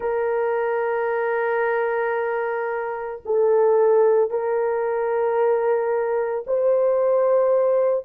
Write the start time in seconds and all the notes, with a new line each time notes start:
0.00 A#4
3.25 A4
4.30 A#4
6.46 C5